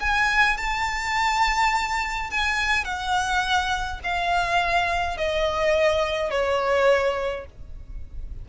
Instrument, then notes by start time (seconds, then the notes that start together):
violin
0.00 G#5
0.57 A5
2.31 G#5
2.84 F#5
4.04 F5
5.17 D#5
6.30 C#5